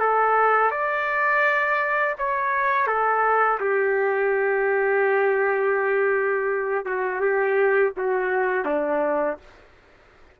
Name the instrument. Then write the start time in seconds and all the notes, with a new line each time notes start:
trumpet
0.00 A4
0.71 D5
2.18 C#5
2.87 A4
3.60 G4
6.85 F#4
7.21 G4
7.97 F#4
8.65 D4